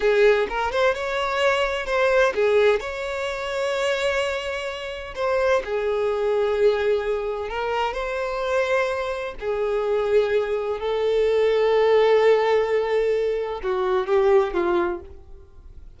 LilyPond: \new Staff \with { instrumentName = "violin" } { \time 4/4 \tempo 4 = 128 gis'4 ais'8 c''8 cis''2 | c''4 gis'4 cis''2~ | cis''2. c''4 | gis'1 |
ais'4 c''2. | gis'2. a'4~ | a'1~ | a'4 fis'4 g'4 f'4 | }